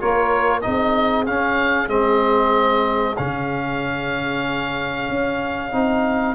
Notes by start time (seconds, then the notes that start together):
0.00 A#3 F4 A#4 C#5
0.60 C4 D#4 G#4 D#5
1.26 C#4 F5
1.88 G#3 C4 D#5
3.16 C#3 C#4 F5
5.09 C#4
5.72 C4 D#4